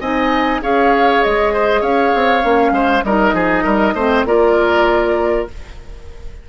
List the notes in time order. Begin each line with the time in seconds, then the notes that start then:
0.00 C4 D#4 D#5 G#5
0.61 C#4 G#4 C#5 F5
1.23 G#3 D#5
1.53 C5
1.80 C#4 C#5 F5
2.14 C4
2.41 A#3 C#4
2.71 G#3 C5
3.03 G3 D#4 A#4 D#5
3.33 F3 G#4
3.63 G3 A#4
3.93 A3 C4 C5
4.25 A#3 F4 A#4 D5